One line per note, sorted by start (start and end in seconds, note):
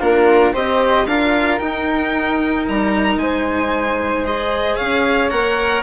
0.00 0.54 A#3
0.00 0.54 D4
0.00 0.53 F4
0.00 0.54 A#4
0.53 1.07 C4
0.53 1.07 G4
0.53 1.06 C5
0.53 1.07 D#5
1.07 1.60 D4
1.07 1.61 F4
1.07 3.21 A#4
1.07 1.59 F5
1.59 2.67 D#4
1.59 4.25 D#4
1.59 2.65 G5
2.69 3.17 G3
2.69 3.19 A#5
3.17 4.76 G#3
3.17 4.78 C5
3.17 4.25 G#5
4.25 5.31 G#4
4.25 4.77 D#5
4.77 5.32 C#4
4.77 5.83 C#5
4.77 5.30 F5
5.31 5.83 A#3
5.31 5.83 A#4
5.31 5.83 F#5